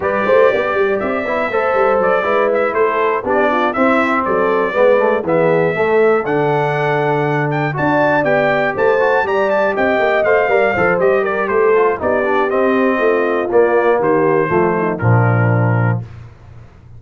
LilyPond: <<
  \new Staff \with { instrumentName = "trumpet" } { \time 4/4 \tempo 4 = 120 d''2 e''2 | d''4 e''8 c''4 d''4 e''8~ | e''8 d''2 e''4.~ | e''8 fis''2~ fis''8 g''8 a''8~ |
a''8 g''4 a''4 ais''8 a''8 g''8~ | g''8 f''4. dis''8 d''8 c''4 | d''4 dis''2 d''4 | c''2 ais'2 | }
  \new Staff \with { instrumentName = "horn" } { \time 4/4 b'8 c''8 d''2 c''4~ | c''8 b'4 a'4 g'8 f'8 e'8~ | e'8 a'4 b'4 gis'4 a'8~ | a'2.~ a'8 d''8~ |
d''4. c''4 d''4 dis''8~ | dis''4 d''8 c''4 ais'8 a'4 | g'2 f'2 | g'4 f'8 dis'8 d'2 | }
  \new Staff \with { instrumentName = "trombone" } { \time 4/4 g'2~ g'8 e'8 a'4~ | a'8 e'2 d'4 c'8~ | c'4. b8 a8 b4 a8~ | a8 d'2. fis'8~ |
fis'8 g'4. fis'8 g'4.~ | g'8 c''8 ais'8 a'8 g'4. f'8 | dis'8 d'8 c'2 ais4~ | ais4 a4 f2 | }
  \new Staff \with { instrumentName = "tuba" } { \time 4/4 g8 a8 b8 g8 c'8 b8 a8 g8 | fis8 gis4 a4 b4 c'8~ | c'8 fis4 gis4 e4 a8~ | a8 d2. d'8~ |
d'8 b4 a4 g4 c'8 | ais8 a8 g8 f8 g4 a4 | b4 c'4 a4 ais4 | dis4 f4 ais,2 | }
>>